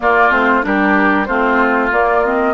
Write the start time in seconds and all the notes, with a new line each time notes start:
0.00 A#3 F4 D5
0.29 A3 C4 C5
0.62 G3 D4 G4 A#4
1.25 A3 C4 F4 C5
1.91 A#3 D5
2.24 C4 D#5